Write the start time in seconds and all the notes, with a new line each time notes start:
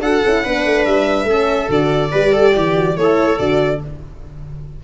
0.00 D4 F#4 A4 F#5
0.26 C#4 E4
0.44 B3 D4 B4
0.65 A3
0.85 G3 E5
1.24 A3 C#4 A4
1.69 D3 F#4 D5
2.12 G3 G4 B4
2.33 A4
2.55 E3 G4
2.75 F#4
2.97 A3 E4 A4 C#5
3.39 D3 F#4 D5